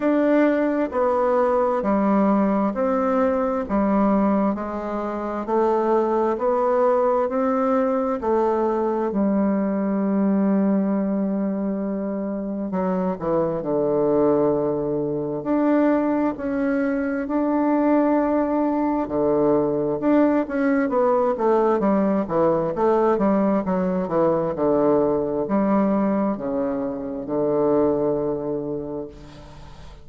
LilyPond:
\new Staff \with { instrumentName = "bassoon" } { \time 4/4 \tempo 4 = 66 d'4 b4 g4 c'4 | g4 gis4 a4 b4 | c'4 a4 g2~ | g2 fis8 e8 d4~ |
d4 d'4 cis'4 d'4~ | d'4 d4 d'8 cis'8 b8 a8 | g8 e8 a8 g8 fis8 e8 d4 | g4 cis4 d2 | }